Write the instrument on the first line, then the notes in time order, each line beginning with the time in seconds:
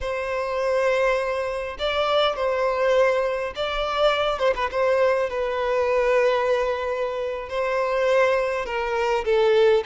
violin
0.01 C5
1.79 D5
2.36 C5
3.55 D5
4.39 C5
4.55 B4
4.71 C5
5.29 B4
7.49 C5
8.65 A#4
9.25 A4